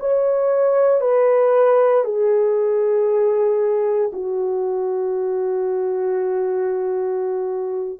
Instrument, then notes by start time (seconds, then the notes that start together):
horn
0.00 C#5
1.01 B4
2.05 G#4
4.13 F#4